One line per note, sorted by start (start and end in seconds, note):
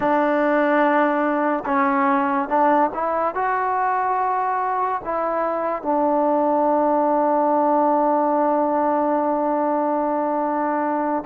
0.00 1.64 D4
1.65 2.48 C#4
2.48 2.90 D4
2.94 3.34 E4
3.34 5.01 F#4
5.04 5.82 E4
5.82 11.23 D4